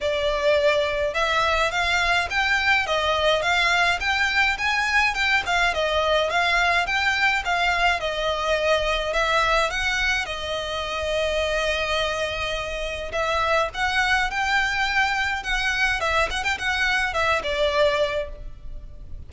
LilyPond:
\new Staff \with { instrumentName = "violin" } { \time 4/4 \tempo 4 = 105 d''2 e''4 f''4 | g''4 dis''4 f''4 g''4 | gis''4 g''8 f''8 dis''4 f''4 | g''4 f''4 dis''2 |
e''4 fis''4 dis''2~ | dis''2. e''4 | fis''4 g''2 fis''4 | e''8 fis''16 g''16 fis''4 e''8 d''4. | }